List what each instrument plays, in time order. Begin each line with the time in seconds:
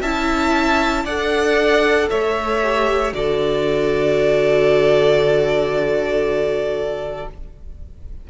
0.00 cello C#4, viola E4, violin E5 A5
1.04 cello D4, viola A4, violin D5 F#5
2.09 cello A3, violin C#5 E5
2.62 viola G4
3.12 cello D3, viola F#4, violin A4 D5